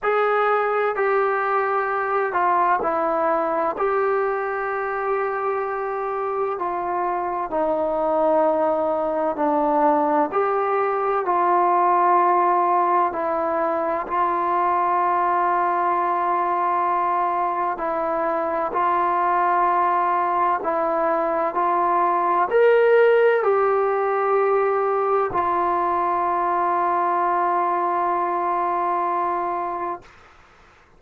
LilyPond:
\new Staff \with { instrumentName = "trombone" } { \time 4/4 \tempo 4 = 64 gis'4 g'4. f'8 e'4 | g'2. f'4 | dis'2 d'4 g'4 | f'2 e'4 f'4~ |
f'2. e'4 | f'2 e'4 f'4 | ais'4 g'2 f'4~ | f'1 | }